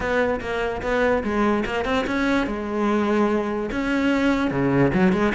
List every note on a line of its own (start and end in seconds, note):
0.00 0.39 B3
0.40 0.81 A#3
0.81 1.23 B3
1.23 1.64 G#3
1.65 1.84 A#3
1.84 2.05 C4
2.07 2.46 C#4
2.46 3.70 G#3
3.71 4.50 C#4
4.50 4.91 C#3
4.93 5.12 F#3
5.12 5.32 G#3